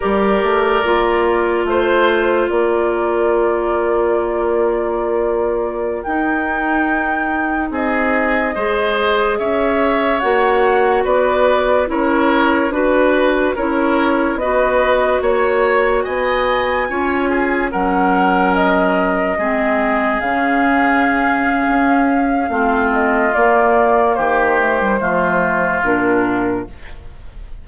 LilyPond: <<
  \new Staff \with { instrumentName = "flute" } { \time 4/4 \tempo 4 = 72 d''2 c''4 d''4~ | d''2.~ d''16 g''8.~ | g''4~ g''16 dis''2 e''8.~ | e''16 fis''4 d''4 cis''4 b'8.~ |
b'16 cis''4 dis''4 cis''4 gis''8.~ | gis''4~ gis''16 fis''4 dis''4.~ dis''16~ | dis''16 f''2.~ f''16 dis''8 | d''4 c''2 ais'4 | }
  \new Staff \with { instrumentName = "oboe" } { \time 4/4 ais'2 c''4 ais'4~ | ais'1~ | ais'4~ ais'16 gis'4 c''4 cis''8.~ | cis''4~ cis''16 b'4 ais'4 b'8.~ |
b'16 ais'4 b'4 cis''4 dis''8.~ | dis''16 cis''8 gis'8 ais'2 gis'8.~ | gis'2. f'4~ | f'4 g'4 f'2 | }
  \new Staff \with { instrumentName = "clarinet" } { \time 4/4 g'4 f'2.~ | f'2.~ f'16 dis'8.~ | dis'2~ dis'16 gis'4.~ gis'16~ | gis'16 fis'2 e'4 fis'8.~ |
fis'16 e'4 fis'2~ fis'8.~ | fis'16 f'4 cis'2 c'8.~ | c'16 cis'2~ cis'8. c'4 | ais4. a16 g16 a4 d'4 | }
  \new Staff \with { instrumentName = "bassoon" } { \time 4/4 g8 a8 ais4 a4 ais4~ | ais2.~ ais16 dis'8.~ | dis'4~ dis'16 c'4 gis4 cis'8.~ | cis'16 ais4 b4 cis'4 d'8.~ |
d'16 cis'4 b4 ais4 b8.~ | b16 cis'4 fis2 gis8.~ | gis16 cis4.~ cis16 cis'4 a4 | ais4 dis4 f4 ais,4 | }
>>